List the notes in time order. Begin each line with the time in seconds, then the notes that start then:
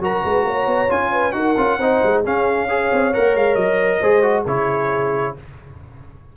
0.00 F#3 F#4 A#4 A#5
0.24 G#3 B4
0.45 A#3 C#5
0.67 B3
0.89 C#4 F4 G#5
1.13 B4
1.32 D#4 F#4 A#4 F#5
1.58 C#4 F4
1.78 C4 D#4 C5
2.04 G#3
2.24 C#4 G#4 F5
2.67 G#4 C#5
2.92 C4
3.14 A#3 A#4 F#5
3.35 G#3 F5
3.55 F#3 D#5
4.01 G#3 G#4 C5
4.23 F#4
4.46 C#3 E4 G#4 C#5